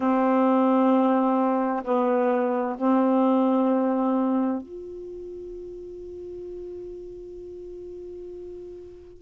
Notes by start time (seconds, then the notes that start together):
0.00 C4
1.84 B3
2.77 C4
4.62 F4